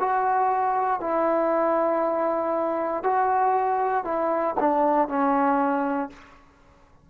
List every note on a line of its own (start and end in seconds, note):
0.00 1.00 F#4
1.00 3.03 E4
3.03 4.04 F#4
4.04 4.55 E4
4.59 5.08 D4
5.08 6.10 C#4